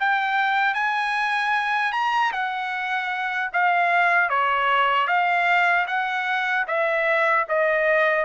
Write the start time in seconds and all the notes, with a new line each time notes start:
0.00 G5
0.74 G#5
1.92 A#5
2.32 F#5
3.53 F5
4.30 C#5
5.07 F5
5.87 F#5
6.67 E5
7.49 D#5